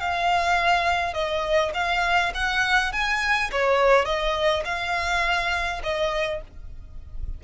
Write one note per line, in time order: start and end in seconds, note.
0.00 1.14 F5
1.14 1.72 D#5
1.74 2.32 F5
2.34 2.92 F#5
2.92 3.51 G#5
3.52 4.05 C#5
4.05 4.63 D#5
4.65 5.81 F5
5.83 6.41 D#5